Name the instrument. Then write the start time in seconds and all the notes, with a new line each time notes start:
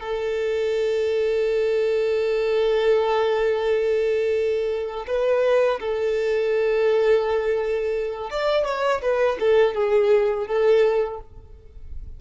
violin
0.00 A4
5.07 B4
5.80 A4
8.30 D5
8.65 C#5
9.02 B4
9.40 A4
9.74 G#4
10.47 A4